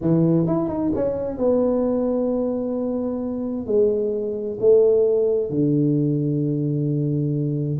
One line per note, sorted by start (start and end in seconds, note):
0.01 0.46 E3
0.46 0.68 E4
0.68 0.91 D#4
0.95 1.37 C#4
1.37 3.66 B3
3.66 4.58 G#3
4.60 5.49 A3
5.49 7.78 D3